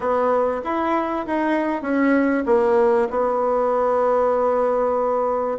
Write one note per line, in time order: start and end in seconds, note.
0.00 0.61 B3
0.64 1.26 E4
1.26 1.82 D#4
1.82 2.43 C#4
2.46 3.08 A#3
3.10 5.58 B3